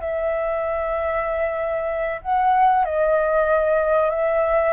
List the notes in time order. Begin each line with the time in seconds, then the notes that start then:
0.00 E5
2.22 F#5
2.85 D#5
4.10 E5